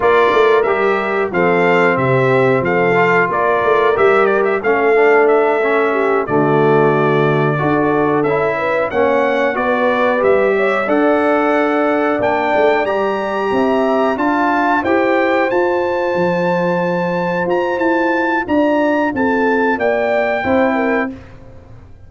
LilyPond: <<
  \new Staff \with { instrumentName = "trumpet" } { \time 4/4 \tempo 4 = 91 d''4 e''4 f''4 e''4 | f''4 d''4 e''8 d''16 e''16 f''4 | e''4. d''2~ d''8~ | d''8 e''4 fis''4 d''4 e''8~ |
e''8 fis''2 g''4 ais''8~ | ais''4. a''4 g''4 a''8~ | a''2~ a''8 ais''8 a''4 | ais''4 a''4 g''2 | }
  \new Staff \with { instrumentName = "horn" } { \time 4/4 ais'2 a'4 g'4 | a'4 ais'2 a'4~ | a'4 g'8 fis'2 a'8~ | a'4 b'8 cis''4 b'4. |
cis''8 d''2.~ d''8~ | d''8 e''4 f''4 c''4.~ | c''1 | d''4 a'4 d''4 c''8 ais'8 | }
  \new Staff \with { instrumentName = "trombone" } { \time 4/4 f'4 g'4 c'2~ | c'8 f'4. g'4 cis'8 d'8~ | d'8 cis'4 a2 fis'8~ | fis'8 e'4 cis'4 fis'4 g'8~ |
g'8 a'2 d'4 g'8~ | g'4. f'4 g'4 f'8~ | f'1~ | f'2. e'4 | }
  \new Staff \with { instrumentName = "tuba" } { \time 4/4 ais8 a8 g4 f4 c4 | f4 ais8 a8 g4 a4~ | a4. d2 d'8~ | d'8 cis'4 ais4 b4 g8~ |
g8 d'2 ais8 a8 g8~ | g8 c'4 d'4 e'4 f'8~ | f'8 f2 f'8 e'4 | d'4 c'4 ais4 c'4 | }
>>